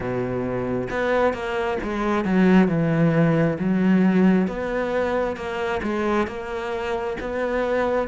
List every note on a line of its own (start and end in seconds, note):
0.00 0.88 B2
0.90 1.33 B3
1.33 1.78 A#3
1.83 2.24 G#3
2.24 2.67 F#3
2.67 3.57 E3
3.59 4.47 F#3
4.47 5.36 B3
5.36 5.80 A#3
5.82 6.27 G#3
6.27 7.16 A#3
7.20 8.08 B3